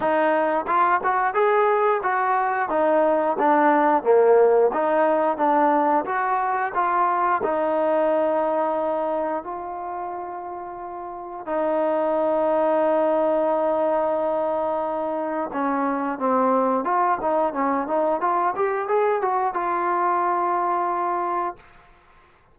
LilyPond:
\new Staff \with { instrumentName = "trombone" } { \time 4/4 \tempo 4 = 89 dis'4 f'8 fis'8 gis'4 fis'4 | dis'4 d'4 ais4 dis'4 | d'4 fis'4 f'4 dis'4~ | dis'2 f'2~ |
f'4 dis'2.~ | dis'2. cis'4 | c'4 f'8 dis'8 cis'8 dis'8 f'8 g'8 | gis'8 fis'8 f'2. | }